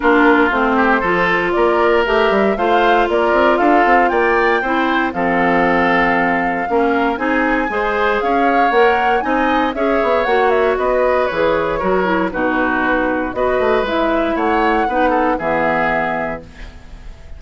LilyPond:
<<
  \new Staff \with { instrumentName = "flute" } { \time 4/4 \tempo 4 = 117 ais'4 c''2 d''4 | e''4 f''4 d''4 f''4 | g''2 f''2~ | f''2 gis''2 |
f''4 fis''4 gis''4 e''4 | fis''8 e''8 dis''4 cis''2 | b'2 dis''4 e''4 | fis''2 e''2 | }
  \new Staff \with { instrumentName = "oboe" } { \time 4/4 f'4. g'8 a'4 ais'4~ | ais'4 c''4 ais'4 a'4 | d''4 c''4 a'2~ | a'4 ais'4 gis'4 c''4 |
cis''2 dis''4 cis''4~ | cis''4 b'2 ais'4 | fis'2 b'2 | cis''4 b'8 a'8 gis'2 | }
  \new Staff \with { instrumentName = "clarinet" } { \time 4/4 d'4 c'4 f'2 | g'4 f'2.~ | f'4 e'4 c'2~ | c'4 cis'4 dis'4 gis'4~ |
gis'4 ais'4 dis'4 gis'4 | fis'2 gis'4 fis'8 e'8 | dis'2 fis'4 e'4~ | e'4 dis'4 b2 | }
  \new Staff \with { instrumentName = "bassoon" } { \time 4/4 ais4 a4 f4 ais4 | a8 g8 a4 ais8 c'8 d'8 c'8 | ais4 c'4 f2~ | f4 ais4 c'4 gis4 |
cis'4 ais4 c'4 cis'8 b8 | ais4 b4 e4 fis4 | b,2 b8 a8 gis4 | a4 b4 e2 | }
>>